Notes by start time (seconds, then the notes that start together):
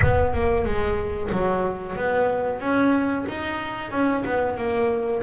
0.02 B3
0.33 A#3
0.65 G#3
1.32 F#3
1.96 B3
2.60 C#4
3.28 D#4
3.91 C#4
4.25 B3
4.57 A#3